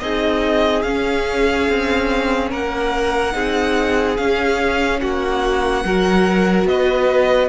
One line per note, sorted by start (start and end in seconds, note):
0.00 0.84 C4
0.00 0.84 D#4
0.00 2.50 G#4
0.00 0.82 D#5
0.82 1.68 C#4
0.82 3.32 C#4
0.82 2.49 F5
1.69 2.51 C4
2.50 3.34 A#3
2.50 3.34 A#4
2.50 4.17 F#5
3.32 4.18 C4
3.32 4.15 D#4
3.32 5.01 G#4
4.17 5.02 C#4
4.17 5.86 C#4
4.17 5.00 F5
5.01 5.85 A#3
5.01 5.84 F#4
5.01 6.68 F#5
5.85 6.65 F#3
5.85 7.49 F#4
5.85 6.69 A#4
6.65 7.48 B3
6.65 7.49 B4
6.65 7.49 D#5